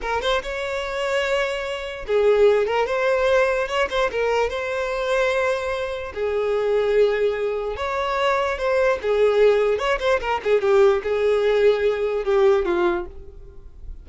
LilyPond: \new Staff \with { instrumentName = "violin" } { \time 4/4 \tempo 4 = 147 ais'8 c''8 cis''2.~ | cis''4 gis'4. ais'8 c''4~ | c''4 cis''8 c''8 ais'4 c''4~ | c''2. gis'4~ |
gis'2. cis''4~ | cis''4 c''4 gis'2 | cis''8 c''8 ais'8 gis'8 g'4 gis'4~ | gis'2 g'4 f'4 | }